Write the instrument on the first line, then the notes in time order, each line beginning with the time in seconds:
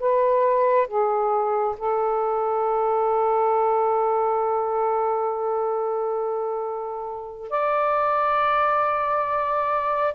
saxophone
0.00 B4
0.88 G#4
1.78 A4
7.50 D5